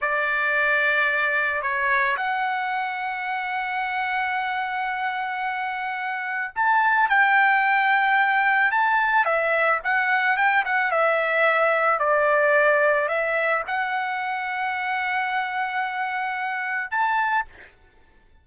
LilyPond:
\new Staff \with { instrumentName = "trumpet" } { \time 4/4 \tempo 4 = 110 d''2. cis''4 | fis''1~ | fis''1 | a''4 g''2. |
a''4 e''4 fis''4 g''8 fis''8 | e''2 d''2 | e''4 fis''2.~ | fis''2. a''4 | }